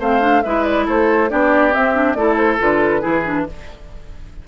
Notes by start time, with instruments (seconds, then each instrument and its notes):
0.00 bassoon A3, clarinet C4, oboe C5, flute F5
0.21 clarinet D4
0.43 bassoon G#3, clarinet E4, oboe B4, flute E5
0.64 flute D5
0.86 bassoon A3, oboe A4, flute C5
1.29 bassoon B3, clarinet D4, oboe G4, flute D5
1.72 clarinet C4, bassoon C4, flute E5
1.94 clarinet D4
2.14 bassoon A3, clarinet E4, oboe A4, flute D5
2.37 flute C5
2.60 bassoon D3, clarinet F4, flute B4
3.01 bassoon E3, clarinet E4, oboe G#4
3.26 clarinet D4